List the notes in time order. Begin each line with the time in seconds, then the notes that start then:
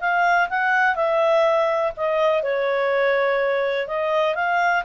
0.00 F5
0.49 F#5
0.95 E5
1.96 D#5
2.43 C#5
3.87 D#5
4.35 F5